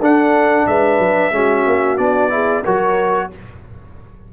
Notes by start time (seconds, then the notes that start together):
0.00 D4 A4 F#5
0.66 G#3 B4 E5
0.98 F#3
1.31 G#3 C#4 F#4
1.66 A#3
1.97 B3 D4 D5
2.29 E4 G#4
2.63 F#3 F#4 A#4 C#5